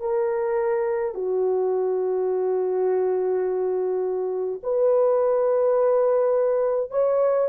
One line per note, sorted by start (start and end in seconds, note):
0.00 1.14 A#4
1.14 4.60 F#4
4.63 6.91 B4
6.91 7.48 C#5